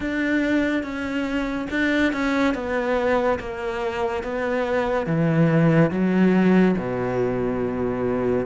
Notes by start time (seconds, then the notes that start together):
0.00 D4
0.83 C#4
1.70 D4
2.12 C#4
2.54 B3
3.39 A#3
4.23 B3
5.06 E3
5.90 F#3
6.77 B2